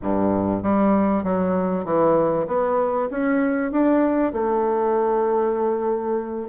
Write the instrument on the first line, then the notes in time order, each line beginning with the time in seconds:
bassoon
0.02 G2
0.62 G3
1.23 F#3
1.84 E3
2.47 B3
3.10 C#4
3.71 D4
4.32 A3